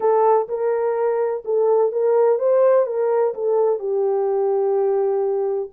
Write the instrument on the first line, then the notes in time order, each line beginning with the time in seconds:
horn
0.00 A4
0.48 A#4
1.44 A4
1.92 A#4
2.39 C5
2.86 A#4
3.34 A4
3.79 G4